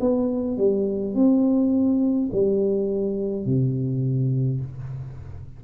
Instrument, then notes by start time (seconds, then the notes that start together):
tuba
0.00 B3
0.57 G3
1.14 C4
2.32 G3
3.45 C3